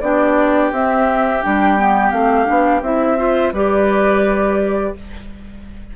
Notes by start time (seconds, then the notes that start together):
0.00 B3 D4 G4 D5
0.72 C4 E5
1.42 G3 D4 G5
1.78 B3
2.11 A3 C4 F5
2.46 B3 D4
2.82 C4 E4 E5
3.17 F4 C5
3.53 G3 G4 B4 D5